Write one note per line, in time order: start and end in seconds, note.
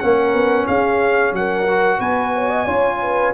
0.00 0.34 A#3
0.00 1.67 C#4
0.00 0.67 A#4
0.00 0.67 F#5
0.34 0.67 B3
0.67 1.33 C#4
0.67 1.34 G#4
0.67 1.34 F5
1.33 1.99 F#3
1.33 1.99 A#4
1.33 2.01 F#5
1.68 2.67 F#4
1.99 2.67 B3
1.99 2.32 B4
1.99 3.34 G#5
2.35 2.49 C#5
2.49 2.65 D#5
2.65 3.34 C#4
2.65 3.34 F4
2.65 2.99 C#5
3.02 3.34 B4